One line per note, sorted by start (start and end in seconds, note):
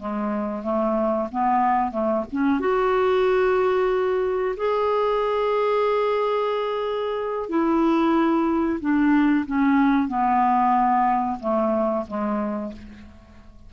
0.00 0.63 G#3
0.63 1.29 A3
1.32 1.92 B3
1.92 2.24 A3
2.32 2.60 C#4
2.60 4.56 F#4
4.57 7.49 G#4
7.49 8.80 E4
8.81 9.46 D4
9.47 10.08 C#4
10.08 11.39 B3
11.40 12.06 A3
12.08 12.73 G#3